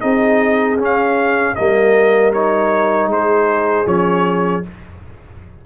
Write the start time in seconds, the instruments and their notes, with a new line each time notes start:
0.00 tuba C4, trombone D#4, horn G#4, trumpet D#5
0.77 tuba C#4, trombone C#4
0.84 trumpet F5
1.55 tuba G3, trombone A#3, horn A#4, trumpet D#5
2.33 trombone D#4, trumpet C#5
3.06 tuba G#3, horn G#4, trumpet C5
3.86 tuba F3, trombone C#4, trumpet C#5